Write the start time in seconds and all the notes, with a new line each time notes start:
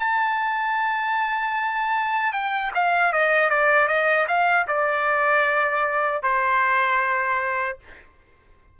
0.00 A5
2.33 G5
2.75 F5
3.13 D#5
3.50 D5
3.88 D#5
4.28 F5
4.68 D5
6.23 C5